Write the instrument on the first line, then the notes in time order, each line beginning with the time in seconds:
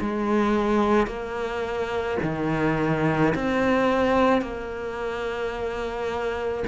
cello
0.00 G#3
1.06 A#3
2.22 D#3
3.34 C4
4.41 A#3